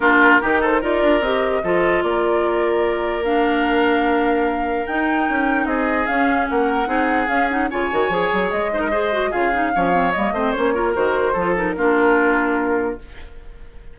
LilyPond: <<
  \new Staff \with { instrumentName = "flute" } { \time 4/4 \tempo 4 = 148 ais'4. c''8 d''4 dis''4~ | dis''4 d''2. | f''1 | g''2 dis''4 f''4 |
fis''2 f''8 fis''8 gis''4~ | gis''4 dis''2 f''4~ | f''4 dis''4 cis''4 c''4~ | c''8 ais'2.~ ais'8 | }
  \new Staff \with { instrumentName = "oboe" } { \time 4/4 f'4 g'8 a'8 ais'2 | a'4 ais'2.~ | ais'1~ | ais'2 gis'2 |
ais'4 gis'2 cis''4~ | cis''4. c''16 ais'16 c''4 gis'4 | cis''4. c''4 ais'4. | a'4 f'2. | }
  \new Staff \with { instrumentName = "clarinet" } { \time 4/4 d'4 dis'4 f'4 g'4 | f'1 | d'1 | dis'2. cis'4~ |
cis'4 dis'4 cis'8 dis'8 f'8 fis'8 | gis'4. dis'8 gis'8 fis'8 f'8 dis'8 | cis'8 c'8 ais8 c'8 cis'8 f'8 fis'4 | f'8 dis'8 d'2. | }
  \new Staff \with { instrumentName = "bassoon" } { \time 4/4 ais4 dis4 dis'8 d'8 c'4 | f4 ais2.~ | ais1 | dis'4 cis'4 c'4 cis'4 |
ais4 c'4 cis'4 cis8 dis8 | f8 fis8 gis2 cis4 | f4 g8 a8 ais4 dis4 | f4 ais2. | }
>>